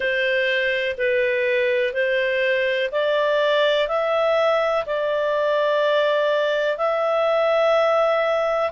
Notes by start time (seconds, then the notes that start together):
0.00 C5
0.97 B4
1.93 C5
2.91 D5
3.88 E5
4.86 D5
6.77 E5